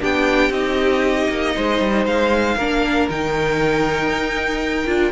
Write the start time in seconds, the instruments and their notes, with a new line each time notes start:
0.00 cello B3, viola D4, violin G4 G5
0.50 cello C4, viola D#4, violin D#5
1.29 cello A#3
1.55 cello G#3, violin C5
1.80 cello G3
2.05 cello G#3, violin F5
2.57 cello A#3, viola D4, violin A#4
3.09 cello D#3, viola D#4, violin G5
4.08 cello D#4
4.86 cello D4, viola F4